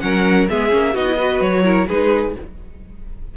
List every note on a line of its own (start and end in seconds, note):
0.00 0.49 F#3
0.00 0.48 C#4
0.00 0.50 A#4
0.00 0.47 F#5
0.50 0.73 G#3
0.50 0.70 B3
0.50 0.94 G#4
0.50 0.96 E5
0.70 0.95 A#3
0.70 0.93 C#4
0.94 1.41 B3
0.94 1.07 D#4
0.94 1.17 F#4
0.94 1.41 D#5
1.07 1.19 E4
1.17 1.65 F#4
1.17 1.63 B4
1.41 1.87 F#3
1.41 1.87 C#5
1.65 1.88 E4
1.65 1.88 A#4
1.88 2.36 G#3
1.88 2.37 D#4
1.88 2.35 G#4
1.88 2.35 B4